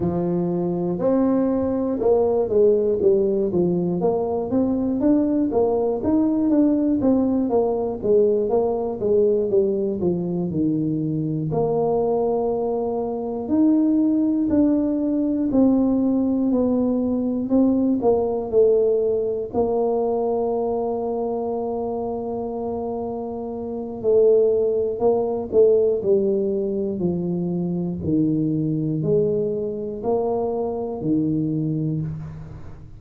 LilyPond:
\new Staff \with { instrumentName = "tuba" } { \time 4/4 \tempo 4 = 60 f4 c'4 ais8 gis8 g8 f8 | ais8 c'8 d'8 ais8 dis'8 d'8 c'8 ais8 | gis8 ais8 gis8 g8 f8 dis4 ais8~ | ais4. dis'4 d'4 c'8~ |
c'8 b4 c'8 ais8 a4 ais8~ | ais1 | a4 ais8 a8 g4 f4 | dis4 gis4 ais4 dis4 | }